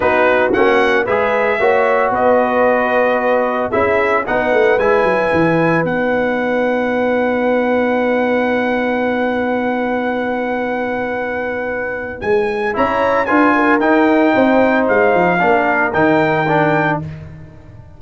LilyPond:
<<
  \new Staff \with { instrumentName = "trumpet" } { \time 4/4 \tempo 4 = 113 b'4 fis''4 e''2 | dis''2. e''4 | fis''4 gis''2 fis''4~ | fis''1~ |
fis''1~ | fis''2. gis''4 | ais''4 gis''4 g''2 | f''2 g''2 | }
  \new Staff \with { instrumentName = "horn" } { \time 4/4 fis'2 b'4 cis''4 | b'2. gis'4 | b'1~ | b'1~ |
b'1~ | b'1 | cis''4 b'8 ais'4. c''4~ | c''4 ais'2. | }
  \new Staff \with { instrumentName = "trombone" } { \time 4/4 dis'4 cis'4 gis'4 fis'4~ | fis'2. e'4 | dis'4 e'2 dis'4~ | dis'1~ |
dis'1~ | dis'1 | e'4 f'4 dis'2~ | dis'4 d'4 dis'4 d'4 | }
  \new Staff \with { instrumentName = "tuba" } { \time 4/4 b4 ais4 gis4 ais4 | b2. cis'4 | b8 a8 gis8 fis8 e4 b4~ | b1~ |
b1~ | b2. gis4 | cis'4 d'4 dis'4 c'4 | gis8 f8 ais4 dis2 | }
>>